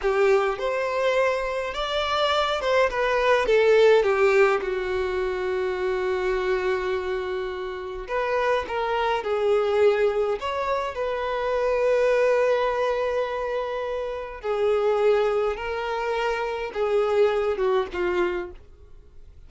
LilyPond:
\new Staff \with { instrumentName = "violin" } { \time 4/4 \tempo 4 = 104 g'4 c''2 d''4~ | d''8 c''8 b'4 a'4 g'4 | fis'1~ | fis'2 b'4 ais'4 |
gis'2 cis''4 b'4~ | b'1~ | b'4 gis'2 ais'4~ | ais'4 gis'4. fis'8 f'4 | }